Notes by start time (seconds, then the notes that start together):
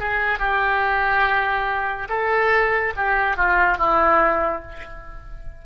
0.00 G#4
0.40 G4
2.09 A4
2.97 G4
3.37 F4
3.78 E4